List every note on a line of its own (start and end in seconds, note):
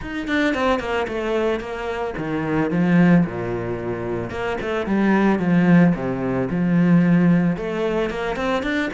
0.01 0.27 D#4
0.27 0.54 D4
0.54 0.79 C4
0.79 1.06 A#3
1.07 1.60 A3
1.60 2.14 A#3
2.17 2.70 D#3
2.70 3.24 F3
3.25 4.30 A#2
4.30 4.57 A#3
4.61 4.86 A3
4.86 5.39 G3
5.39 5.93 F3
5.95 6.49 C3
6.50 7.57 F3
7.57 8.10 A3
8.10 8.36 A#3
8.36 8.62 C4
8.62 8.89 D4